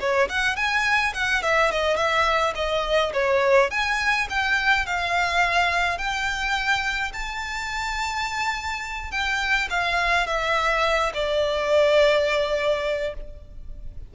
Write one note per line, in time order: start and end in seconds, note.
0.00 0.29 C#5
0.29 0.56 F#5
0.56 1.13 G#5
1.14 1.43 F#5
1.43 1.71 E5
1.71 1.96 D#5
1.96 2.54 E5
2.55 3.12 D#5
3.13 3.70 C#5
3.71 4.28 G#5
4.30 4.86 G5
4.86 5.98 F5
5.98 7.12 G5
7.13 9.11 A5
9.11 9.68 G5
9.70 10.27 F5
10.27 11.12 E5
11.14 13.14 D5